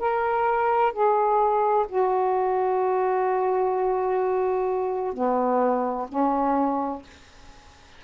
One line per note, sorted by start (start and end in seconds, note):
0.00 0.93 A#4
0.93 1.87 G#4
1.89 5.14 F#4
5.14 6.08 B3
6.09 7.03 C#4